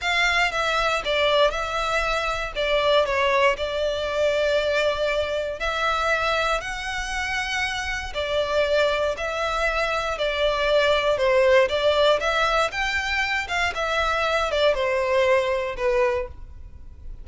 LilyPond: \new Staff \with { instrumentName = "violin" } { \time 4/4 \tempo 4 = 118 f''4 e''4 d''4 e''4~ | e''4 d''4 cis''4 d''4~ | d''2. e''4~ | e''4 fis''2. |
d''2 e''2 | d''2 c''4 d''4 | e''4 g''4. f''8 e''4~ | e''8 d''8 c''2 b'4 | }